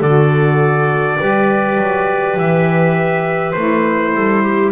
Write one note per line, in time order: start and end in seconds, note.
0.00 1.18 D3
0.00 1.18 F#4
0.00 1.18 A4
0.00 2.37 D5
1.18 1.77 G3
1.18 3.54 G4
1.18 4.13 B4
1.77 2.36 F#3
2.36 3.54 E3
2.36 3.52 E5
3.52 4.14 A3
3.52 4.72 E4
3.52 4.70 C5
4.14 4.72 G3
4.14 4.42 A4
4.42 4.72 G4